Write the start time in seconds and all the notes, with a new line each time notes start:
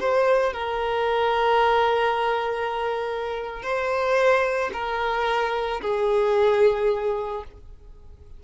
0.00 C5
0.53 A#4
3.63 C5
4.73 A#4
5.82 G#4